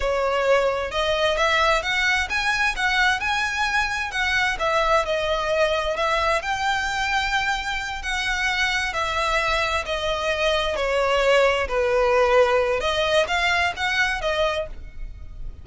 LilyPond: \new Staff \with { instrumentName = "violin" } { \time 4/4 \tempo 4 = 131 cis''2 dis''4 e''4 | fis''4 gis''4 fis''4 gis''4~ | gis''4 fis''4 e''4 dis''4~ | dis''4 e''4 g''2~ |
g''4. fis''2 e''8~ | e''4. dis''2 cis''8~ | cis''4. b'2~ b'8 | dis''4 f''4 fis''4 dis''4 | }